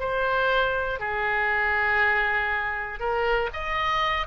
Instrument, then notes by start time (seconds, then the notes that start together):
oboe
0.00 C5
1.00 G#4
3.00 A#4
3.54 D#5